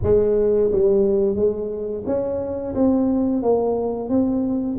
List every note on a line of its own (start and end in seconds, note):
0.02 0.71 G#3
0.71 1.35 G3
1.35 2.03 G#3
2.06 2.74 C#4
2.75 3.42 C4
3.42 4.09 A#3
4.09 4.77 C4